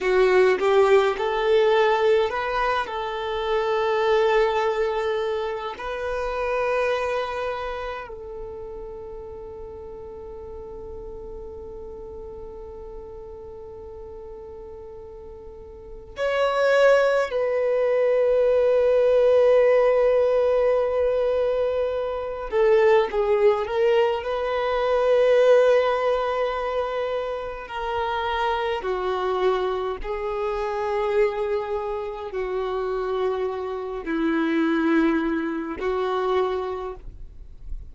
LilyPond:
\new Staff \with { instrumentName = "violin" } { \time 4/4 \tempo 4 = 52 fis'8 g'8 a'4 b'8 a'4.~ | a'4 b'2 a'4~ | a'1~ | a'2 cis''4 b'4~ |
b'2.~ b'8 a'8 | gis'8 ais'8 b'2. | ais'4 fis'4 gis'2 | fis'4. e'4. fis'4 | }